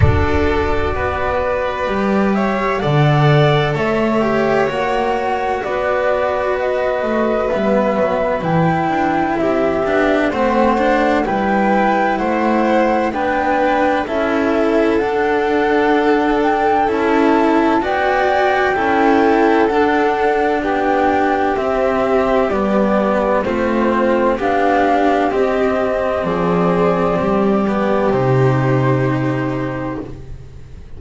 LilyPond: <<
  \new Staff \with { instrumentName = "flute" } { \time 4/4 \tempo 4 = 64 d''2~ d''8 e''8 fis''4 | e''4 fis''4 d''4 dis''4 | e''4 g''4 e''4 fis''4 | g''4 fis''4 g''4 e''4 |
fis''4. g''8 a''4 g''4~ | g''4 fis''4 g''4 e''4 | d''4 c''4 f''4 dis''4 | d''2 c''2 | }
  \new Staff \with { instrumentName = "violin" } { \time 4/4 a'4 b'4. cis''8 d''4 | cis''2 b'2~ | b'2 g'4 c''4 | b'4 c''4 b'4 a'4~ |
a'2. d''4 | a'2 g'2~ | g'4 f'4 g'2 | gis'4 g'2. | }
  \new Staff \with { instrumentName = "cello" } { \time 4/4 fis'2 g'4 a'4~ | a'8 g'8 fis'2. | b4 e'4. d'8 c'8 d'8 | e'2 d'4 e'4 |
d'2 e'4 fis'4 | e'4 d'2 c'4 | b4 c'4 d'4 c'4~ | c'4. b8 dis'2 | }
  \new Staff \with { instrumentName = "double bass" } { \time 4/4 d'4 b4 g4 d4 | a4 ais4 b4. a8 | g8 fis8 e8 d'8 c'8 b8 a4 | g4 a4 b4 cis'4 |
d'2 cis'4 b4 | cis'4 d'4 b4 c'4 | g4 a4 b4 c'4 | f4 g4 c2 | }
>>